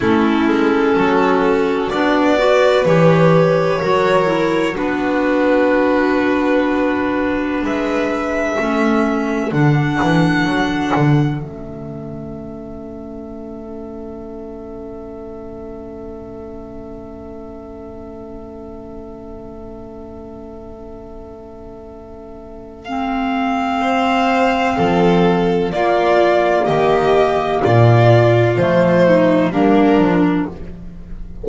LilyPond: <<
  \new Staff \with { instrumentName = "violin" } { \time 4/4 \tempo 4 = 63 a'2 d''4 cis''4~ | cis''4 b'2. | e''2 fis''2 | e''1~ |
e''1~ | e''1 | f''2. d''4 | dis''4 d''4 c''4 ais'4 | }
  \new Staff \with { instrumentName = "violin" } { \time 4/4 e'4 fis'4. b'4. | ais'4 fis'2. | b'4 a'2.~ | a'1~ |
a'1~ | a'1~ | a'4 c''4 a'4 f'4 | g'4 f'4. dis'8 d'4 | }
  \new Staff \with { instrumentName = "clarinet" } { \time 4/4 cis'2 d'8 fis'8 g'4 | fis'8 e'8 d'2.~ | d'4 cis'4 d'2 | cis'1~ |
cis'1~ | cis'1 | c'2. ais4~ | ais2 a4 ais8 d'8 | }
  \new Staff \with { instrumentName = "double bass" } { \time 4/4 a8 gis8 fis4 b4 e4 | fis4 b2. | gis4 a4 d8 e8 fis8 d8 | a1~ |
a1~ | a1~ | a2 f4 ais4 | dis4 ais,4 f4 g8 f8 | }
>>